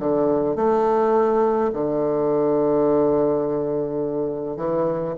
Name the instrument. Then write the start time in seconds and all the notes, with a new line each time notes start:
bassoon
0.00 D3
0.56 A3
1.74 D3
4.57 E3